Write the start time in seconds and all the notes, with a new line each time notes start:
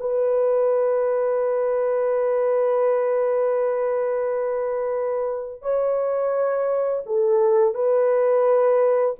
0.00 B4
5.62 C#5
7.06 A4
7.75 B4